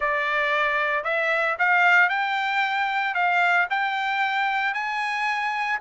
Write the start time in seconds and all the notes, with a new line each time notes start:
0.00 D5
1.04 E5
1.58 F5
2.09 G5
3.14 F5
3.70 G5
4.73 G#5